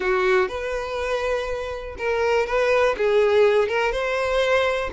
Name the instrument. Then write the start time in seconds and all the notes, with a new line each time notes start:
violin
0.00 F#4
0.48 B4
1.98 A#4
2.46 B4
2.97 G#4
3.68 A#4
3.91 C5